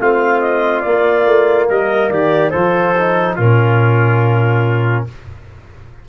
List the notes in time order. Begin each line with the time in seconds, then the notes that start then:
0.00 A3 C4 F4 F5
0.40 D#5
0.81 A#3 D5
1.27 A3
1.70 G3 A#4 D#5
2.10 D#3 G4 D5
2.51 F3 F4 A4 C5
2.98 D#4
3.36 A#2 C#4 F4 A#4